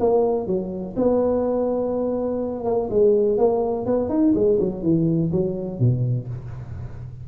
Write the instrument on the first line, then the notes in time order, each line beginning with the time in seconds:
tuba
0.00 A#3
0.47 F#3
0.96 B3
2.65 A#3
2.90 G#3
3.38 A#3
3.86 B3
4.09 D#4
4.35 G#3
4.60 F#3
4.83 E3
5.32 F#3
5.80 B2